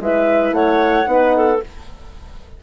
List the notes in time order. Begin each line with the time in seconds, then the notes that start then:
0.00 G#3 E4 B4 E5
0.52 A3 C#5 F#5
1.06 B3 D#4 B4
1.36 A4